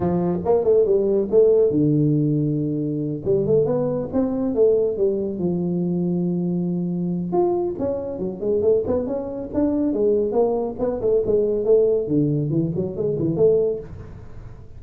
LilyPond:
\new Staff \with { instrumentName = "tuba" } { \time 4/4 \tempo 4 = 139 f4 ais8 a8 g4 a4 | d2.~ d8 g8 | a8 b4 c'4 a4 g8~ | g8 f2.~ f8~ |
f4 f'4 cis'4 fis8 gis8 | a8 b8 cis'4 d'4 gis4 | ais4 b8 a8 gis4 a4 | d4 e8 fis8 gis8 e8 a4 | }